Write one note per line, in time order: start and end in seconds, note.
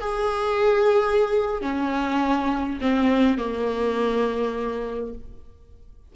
0.00 1.61 G#4
1.61 2.79 C#4
2.81 3.38 C4
3.38 5.14 A#3